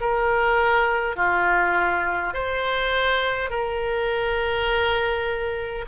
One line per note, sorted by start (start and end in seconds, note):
0.00 1.16 A#4
1.16 2.33 F4
2.33 3.50 C5
3.50 5.85 A#4